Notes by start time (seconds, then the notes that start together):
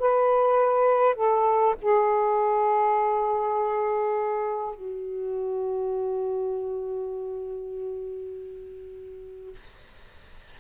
0.00 B4
1.16 A4
1.82 G#4
4.76 F#4